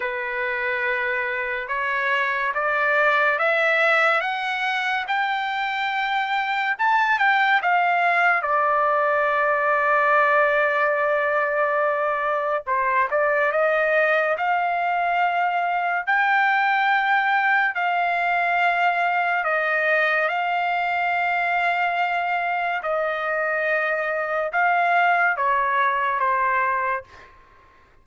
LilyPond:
\new Staff \with { instrumentName = "trumpet" } { \time 4/4 \tempo 4 = 71 b'2 cis''4 d''4 | e''4 fis''4 g''2 | a''8 g''8 f''4 d''2~ | d''2. c''8 d''8 |
dis''4 f''2 g''4~ | g''4 f''2 dis''4 | f''2. dis''4~ | dis''4 f''4 cis''4 c''4 | }